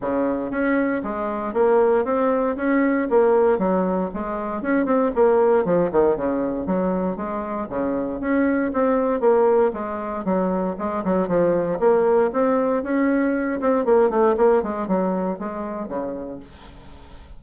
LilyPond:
\new Staff \with { instrumentName = "bassoon" } { \time 4/4 \tempo 4 = 117 cis4 cis'4 gis4 ais4 | c'4 cis'4 ais4 fis4 | gis4 cis'8 c'8 ais4 f8 dis8 | cis4 fis4 gis4 cis4 |
cis'4 c'4 ais4 gis4 | fis4 gis8 fis8 f4 ais4 | c'4 cis'4. c'8 ais8 a8 | ais8 gis8 fis4 gis4 cis4 | }